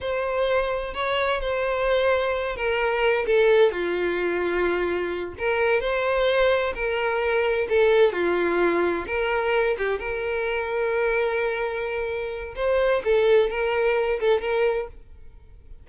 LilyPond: \new Staff \with { instrumentName = "violin" } { \time 4/4 \tempo 4 = 129 c''2 cis''4 c''4~ | c''4. ais'4. a'4 | f'2.~ f'8 ais'8~ | ais'8 c''2 ais'4.~ |
ais'8 a'4 f'2 ais'8~ | ais'4 g'8 ais'2~ ais'8~ | ais'2. c''4 | a'4 ais'4. a'8 ais'4 | }